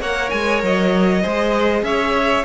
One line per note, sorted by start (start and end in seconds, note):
0.00 0.31 A#3
0.00 1.22 A#4
0.00 1.22 C#5
0.00 0.30 F#5
0.30 0.62 G#3
0.30 0.60 G#5
0.62 1.24 F#3
0.62 1.84 D#5
1.22 1.82 G#3
1.22 2.45 G#4
1.22 1.83 C5
1.82 2.43 C#4
1.82 2.45 C#5
1.82 2.45 E5